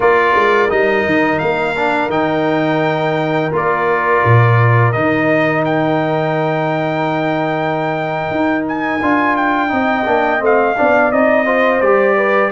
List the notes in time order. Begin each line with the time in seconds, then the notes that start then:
0.00 A#3 F4 A#4 D5
0.34 G#3
0.69 G3 D#4 D#5
1.05 D#3
1.39 A#3 F5
1.76 D4
2.09 D#3 D#4 G5
3.52 A#3 F4 D5
4.24 A#2
4.92 D#3 D#4 D#5
5.64 G5
8.30 D#4
8.68 G#5
9.02 D4 F4
9.36 G5
9.68 C4 D#4 D#5
10.05 A#3 D4
10.39 A3 C4 F5
10.76 B3 D4 D5
11.12 C4 D#4 D#5
11.45 F4 C5
11.81 G3 G4 D5
12.16 B4